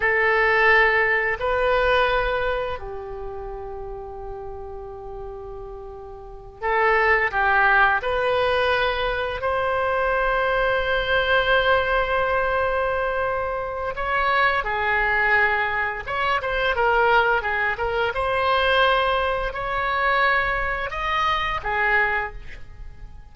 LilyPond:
\new Staff \with { instrumentName = "oboe" } { \time 4/4 \tempo 4 = 86 a'2 b'2 | g'1~ | g'4. a'4 g'4 b'8~ | b'4. c''2~ c''8~ |
c''1 | cis''4 gis'2 cis''8 c''8 | ais'4 gis'8 ais'8 c''2 | cis''2 dis''4 gis'4 | }